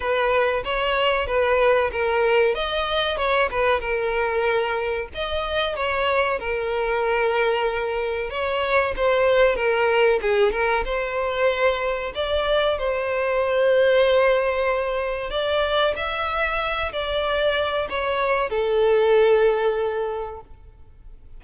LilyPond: \new Staff \with { instrumentName = "violin" } { \time 4/4 \tempo 4 = 94 b'4 cis''4 b'4 ais'4 | dis''4 cis''8 b'8 ais'2 | dis''4 cis''4 ais'2~ | ais'4 cis''4 c''4 ais'4 |
gis'8 ais'8 c''2 d''4 | c''1 | d''4 e''4. d''4. | cis''4 a'2. | }